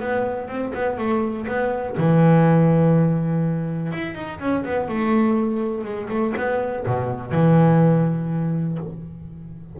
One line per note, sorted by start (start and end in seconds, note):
0.00 0.48 B3
0.48 0.72 C4
0.75 0.98 B3
0.98 1.47 A3
1.47 1.96 B3
1.97 3.92 E3
3.92 4.15 E4
4.15 4.39 D#4
4.40 4.64 C#4
4.65 4.88 B3
4.88 5.84 A3
5.84 6.09 G#3
6.10 6.34 A3
6.37 6.86 B3
6.86 7.32 B2
7.32 8.78 E3